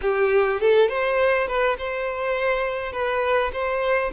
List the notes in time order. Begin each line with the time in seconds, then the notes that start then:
0.01 G4
0.60 A4
0.88 C5
1.47 B4
1.78 C5
2.92 B4
3.53 C5